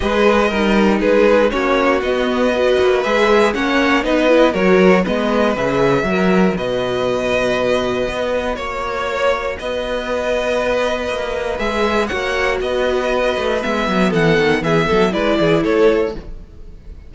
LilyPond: <<
  \new Staff \with { instrumentName = "violin" } { \time 4/4 \tempo 4 = 119 dis''2 b'4 cis''4 | dis''2 e''4 fis''4 | dis''4 cis''4 dis''4 e''4~ | e''4 dis''2.~ |
dis''4 cis''2 dis''4~ | dis''2. e''4 | fis''4 dis''2 e''4 | fis''4 e''4 d''4 cis''4 | }
  \new Staff \with { instrumentName = "violin" } { \time 4/4 b'4 ais'4 gis'4 fis'4~ | fis'4 b'2 cis''4 | b'4 ais'4 b'2 | ais'4 b'2.~ |
b'4 cis''2 b'4~ | b'1 | cis''4 b'2. | a'4 gis'8 a'8 b'8 gis'8 a'4 | }
  \new Staff \with { instrumentName = "viola" } { \time 4/4 gis'4 dis'2 cis'4 | b4 fis'4 gis'4 cis'4 | dis'8 e'8 fis'4 b4 gis'4 | fis'1~ |
fis'1~ | fis'2. gis'4 | fis'2. b4~ | b2 e'2 | }
  \new Staff \with { instrumentName = "cello" } { \time 4/4 gis4 g4 gis4 ais4 | b4. ais8 gis4 ais4 | b4 fis4 gis4 cis4 | fis4 b,2. |
b4 ais2 b4~ | b2 ais4 gis4 | ais4 b4. a8 gis8 fis8 | e8 dis8 e8 fis8 gis8 e8 a4 | }
>>